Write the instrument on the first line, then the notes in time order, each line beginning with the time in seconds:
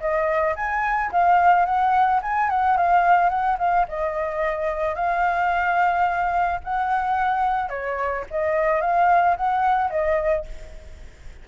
flute
0.00 D#5
0.56 G#5
1.12 F5
1.65 F#5
2.22 G#5
2.50 F#5
2.77 F5
3.30 F#5
3.59 F5
3.88 D#5
4.95 F5
6.64 F#5
7.69 C#5
8.30 D#5
8.81 F5
9.37 F#5
9.90 D#5